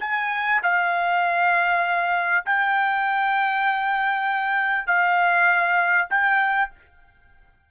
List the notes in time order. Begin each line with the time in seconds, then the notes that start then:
0.00 G#5
0.63 F5
2.46 G5
4.87 F5
6.10 G5